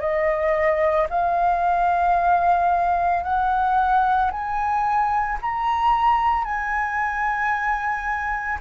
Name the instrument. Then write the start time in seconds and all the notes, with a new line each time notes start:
flute
0.00 D#5
1.10 F5
3.24 F#5
4.31 G#5
5.42 A#5
6.45 G#5